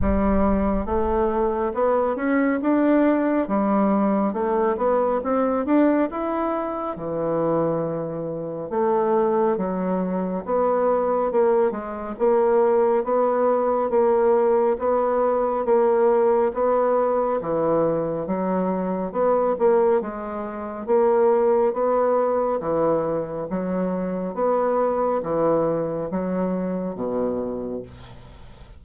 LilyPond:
\new Staff \with { instrumentName = "bassoon" } { \time 4/4 \tempo 4 = 69 g4 a4 b8 cis'8 d'4 | g4 a8 b8 c'8 d'8 e'4 | e2 a4 fis4 | b4 ais8 gis8 ais4 b4 |
ais4 b4 ais4 b4 | e4 fis4 b8 ais8 gis4 | ais4 b4 e4 fis4 | b4 e4 fis4 b,4 | }